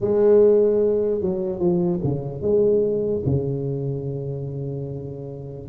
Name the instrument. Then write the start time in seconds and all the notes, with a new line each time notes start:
tuba
0.00 G#3
1.20 F#3
1.59 F3
2.03 C#3
2.41 G#3
3.25 C#3